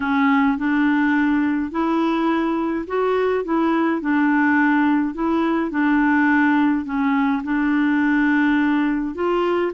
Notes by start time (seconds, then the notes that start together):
0.00 C#4
0.57 D4
1.71 E4
2.87 F#4
3.44 E4
4.01 D4
5.14 E4
5.70 D4
6.85 C#4
7.43 D4
9.15 F4